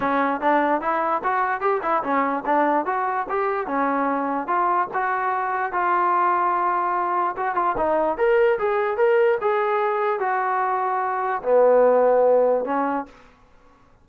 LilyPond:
\new Staff \with { instrumentName = "trombone" } { \time 4/4 \tempo 4 = 147 cis'4 d'4 e'4 fis'4 | g'8 e'8 cis'4 d'4 fis'4 | g'4 cis'2 f'4 | fis'2 f'2~ |
f'2 fis'8 f'8 dis'4 | ais'4 gis'4 ais'4 gis'4~ | gis'4 fis'2. | b2. cis'4 | }